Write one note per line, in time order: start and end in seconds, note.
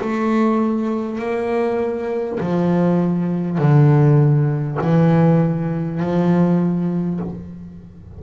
0.00 1.18 A3
1.18 2.38 A#3
2.39 3.58 F3
3.58 4.78 D3
4.81 6.00 E3
6.00 7.20 F3